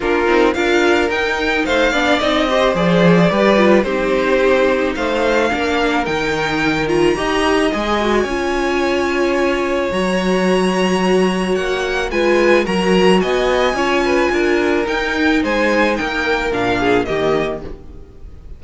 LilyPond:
<<
  \new Staff \with { instrumentName = "violin" } { \time 4/4 \tempo 4 = 109 ais'4 f''4 g''4 f''4 | dis''4 d''2 c''4~ | c''4 f''2 g''4~ | g''8 ais''4. gis''2~ |
gis''2 ais''2~ | ais''4 fis''4 gis''4 ais''4 | gis''2. g''4 | gis''4 g''4 f''4 dis''4 | }
  \new Staff \with { instrumentName = "violin" } { \time 4/4 f'4 ais'2 c''8 d''8~ | d''8 c''4. b'4 g'4~ | g'4 c''4 ais'2~ | ais'4 dis''2 cis''4~ |
cis''1~ | cis''2 b'4 ais'4 | dis''4 cis''8 b'8 ais'2 | c''4 ais'4. gis'8 g'4 | }
  \new Staff \with { instrumentName = "viola" } { \time 4/4 d'8 dis'8 f'4 dis'4. d'8 | dis'8 g'8 gis'4 g'8 f'8 dis'4~ | dis'2 d'4 dis'4~ | dis'8 f'8 g'4 gis'8 fis'8 f'4~ |
f'2 fis'2~ | fis'2 f'4 fis'4~ | fis'4 f'2 dis'4~ | dis'2 d'4 ais4 | }
  \new Staff \with { instrumentName = "cello" } { \time 4/4 ais8 c'8 d'4 dis'4 a8 b8 | c'4 f4 g4 c'4~ | c'4 a4 ais4 dis4~ | dis4 dis'4 gis4 cis'4~ |
cis'2 fis2~ | fis4 ais4 gis4 fis4 | b4 cis'4 d'4 dis'4 | gis4 ais4 ais,4 dis4 | }
>>